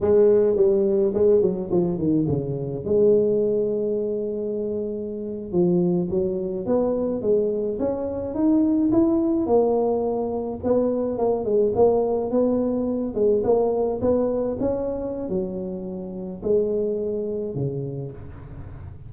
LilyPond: \new Staff \with { instrumentName = "tuba" } { \time 4/4 \tempo 4 = 106 gis4 g4 gis8 fis8 f8 dis8 | cis4 gis2.~ | gis4.~ gis16 f4 fis4 b16~ | b8. gis4 cis'4 dis'4 e'16~ |
e'8. ais2 b4 ais16~ | ais16 gis8 ais4 b4. gis8 ais16~ | ais8. b4 cis'4~ cis'16 fis4~ | fis4 gis2 cis4 | }